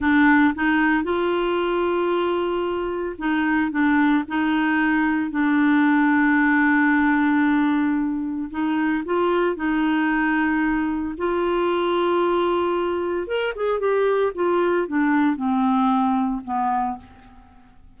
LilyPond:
\new Staff \with { instrumentName = "clarinet" } { \time 4/4 \tempo 4 = 113 d'4 dis'4 f'2~ | f'2 dis'4 d'4 | dis'2 d'2~ | d'1 |
dis'4 f'4 dis'2~ | dis'4 f'2.~ | f'4 ais'8 gis'8 g'4 f'4 | d'4 c'2 b4 | }